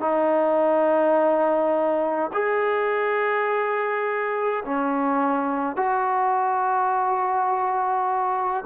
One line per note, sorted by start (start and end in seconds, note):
0.00 2.31 D#4
2.32 4.63 G#4
4.65 5.76 C#4
5.76 8.64 F#4